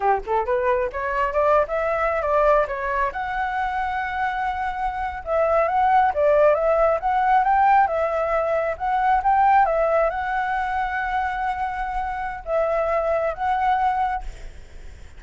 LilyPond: \new Staff \with { instrumentName = "flute" } { \time 4/4 \tempo 4 = 135 g'8 a'8 b'4 cis''4 d''8. e''16~ | e''4 d''4 cis''4 fis''4~ | fis''2.~ fis''8. e''16~ | e''8. fis''4 d''4 e''4 fis''16~ |
fis''8. g''4 e''2 fis''16~ | fis''8. g''4 e''4 fis''4~ fis''16~ | fis''1 | e''2 fis''2 | }